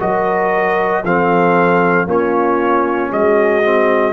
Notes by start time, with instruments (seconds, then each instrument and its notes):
0.00 tuba F#3, trombone F#4, horn A#4, trumpet D#5
1.04 tuba F3, trombone C4, horn A4, trumpet F5
2.06 tuba A#3, trombone C#4, horn F4, trumpet C#5
3.12 tuba G#3, horn F#4, trumpet D#5
3.63 trombone C4